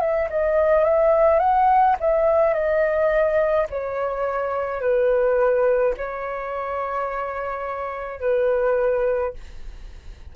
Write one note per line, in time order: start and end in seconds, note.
0.00 0.28 E5
0.30 0.84 D#5
0.84 1.39 E5
1.39 1.96 F#5
2.00 2.54 E5
2.54 3.67 D#5
3.70 4.81 C#5
4.81 5.94 B4
5.97 8.20 C#5
8.20 9.33 B4